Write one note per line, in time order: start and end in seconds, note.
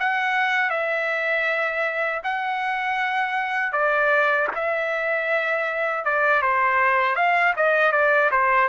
0.00 0.70 F#5
0.70 2.22 E5
2.24 3.72 F#5
3.72 4.48 D5
4.55 6.05 E5
6.05 6.42 D5
6.42 7.16 C5
7.16 7.54 F5
7.57 7.92 D#5
7.92 8.30 D5
8.32 8.69 C5